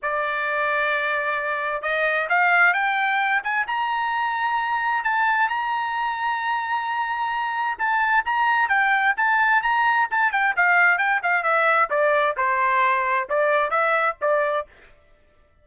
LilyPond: \new Staff \with { instrumentName = "trumpet" } { \time 4/4 \tempo 4 = 131 d''1 | dis''4 f''4 g''4. gis''8 | ais''2. a''4 | ais''1~ |
ais''4 a''4 ais''4 g''4 | a''4 ais''4 a''8 g''8 f''4 | g''8 f''8 e''4 d''4 c''4~ | c''4 d''4 e''4 d''4 | }